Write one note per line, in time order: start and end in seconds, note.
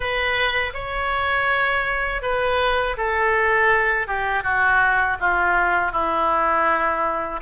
0.00 0.73 B4
0.73 2.22 C#5
2.22 2.96 B4
2.97 4.07 A4
4.07 4.43 G4
4.43 5.17 F#4
5.20 5.92 F4
5.92 7.40 E4